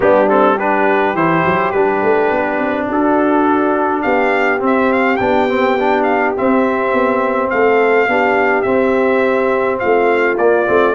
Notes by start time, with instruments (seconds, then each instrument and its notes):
0.00 tuba G3, trombone B3, horn D4, trumpet G4
0.29 trombone C4, trumpet A4
0.54 trombone D4, horn G4, trumpet B4
1.13 tuba E3, trombone E4, trumpet C5
1.45 tuba F#3
1.71 tuba G3, trombone D4, trumpet B4
2.02 tuba A3
2.30 tuba B3
2.58 tuba C4
2.88 tuba D4, horn F#4, trumpet A4
4.02 tuba B3, horn G4, trumpet F5
4.59 trombone C4, tuba C4
4.66 trumpet E5
4.92 trumpet F5
5.16 tuba B3, trombone D4, trumpet G5
5.49 trombone C4
5.79 trombone D4
6.03 trumpet F5
6.35 trombone C4, tuba C4, trumpet E5
6.92 tuba B3
7.50 tuba A3, horn A4, trumpet F5
8.07 tuba B3, trombone D4, horn G4
8.62 trombone C4, tuba C4, trumpet E5
9.79 tuba A3, horn F4, trumpet F5
10.37 tuba A#3, trombone A#3, trumpet D5
10.66 tuba A3, trombone C4